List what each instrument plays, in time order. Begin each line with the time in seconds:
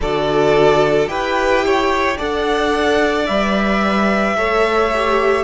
0.00 cello D3, viola F#4, violin A4 D5
1.07 cello E4, viola G4, violin B4 G5
1.66 violin C#5
2.17 cello D4, viola A4, violin D5 F#5
3.26 cello G3, viola B4, violin E5
4.35 cello A3, viola A4, violin C#5
4.95 viola G4